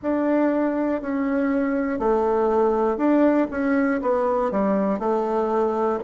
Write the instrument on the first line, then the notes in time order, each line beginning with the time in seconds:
bassoon
0.02 D4
1.01 C#4
1.99 A3
2.97 D4
3.50 C#4
4.01 B3
4.50 G3
4.99 A3